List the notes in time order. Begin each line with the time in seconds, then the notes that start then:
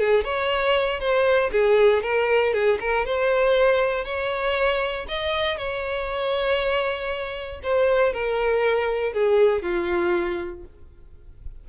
0.00 G#4
0.24 C#5
1.00 C5
1.52 G#4
2.03 A#4
2.54 G#4
2.81 A#4
3.06 C5
4.05 C#5
5.08 D#5
5.58 C#5
7.63 C5
8.13 A#4
9.13 G#4
9.63 F4